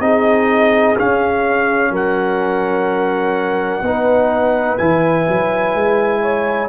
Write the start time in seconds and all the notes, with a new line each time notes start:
0.00 C4 D#4 G#4 D#5
0.97 C#4 F5
1.90 F#3 A#4 F#5
3.81 B3 D#4 B4
4.77 E3 E4 G#5
5.28 F#3
5.74 G#3
6.21 C#5